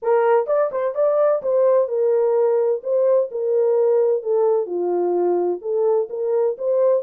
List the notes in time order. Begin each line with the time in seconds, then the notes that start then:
0.02 A#4
0.47 D5
0.71 C5
0.95 D5
1.42 C5
1.87 A#4
2.83 C5
3.31 A#4
4.22 A4
4.66 F4
5.61 A4
6.09 A#4
6.58 C5